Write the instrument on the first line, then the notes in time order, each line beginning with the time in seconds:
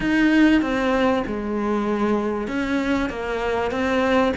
cello
0.00 D#4
0.61 C4
1.27 G#3
2.47 C#4
3.09 A#3
3.71 C4